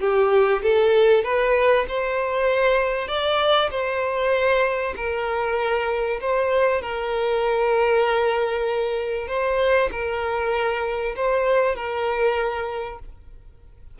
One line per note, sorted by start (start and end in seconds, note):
0.00 0.62 G4
0.62 1.24 A4
1.24 1.86 B4
1.88 3.08 C5
3.08 3.70 D5
3.70 4.94 C5
4.96 6.20 A#4
6.21 6.82 C5
6.82 9.27 A#4
9.27 9.89 C5
9.91 11.15 A#4
11.16 11.75 C5
11.75 12.99 A#4